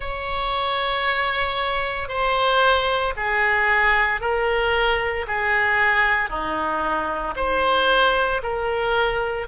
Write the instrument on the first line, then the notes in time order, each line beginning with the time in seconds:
oboe
0.00 C#5
2.08 C5
3.16 G#4
4.21 A#4
5.27 G#4
6.29 D#4
7.36 C5
8.42 A#4